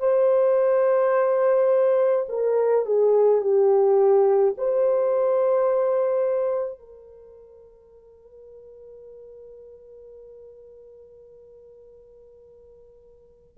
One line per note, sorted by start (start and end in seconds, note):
0.00 2.26 C5
2.29 2.86 A#4
2.86 3.41 G#4
3.41 4.54 G4
4.58 6.79 C5
6.79 13.58 A#4